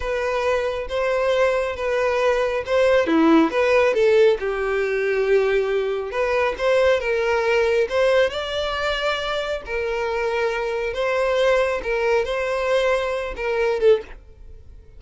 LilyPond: \new Staff \with { instrumentName = "violin" } { \time 4/4 \tempo 4 = 137 b'2 c''2 | b'2 c''4 e'4 | b'4 a'4 g'2~ | g'2 b'4 c''4 |
ais'2 c''4 d''4~ | d''2 ais'2~ | ais'4 c''2 ais'4 | c''2~ c''8 ais'4 a'8 | }